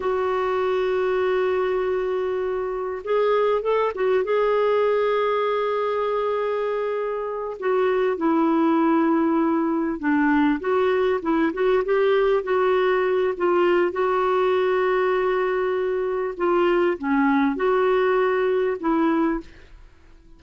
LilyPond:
\new Staff \with { instrumentName = "clarinet" } { \time 4/4 \tempo 4 = 99 fis'1~ | fis'4 gis'4 a'8 fis'8 gis'4~ | gis'1~ | gis'8 fis'4 e'2~ e'8~ |
e'8 d'4 fis'4 e'8 fis'8 g'8~ | g'8 fis'4. f'4 fis'4~ | fis'2. f'4 | cis'4 fis'2 e'4 | }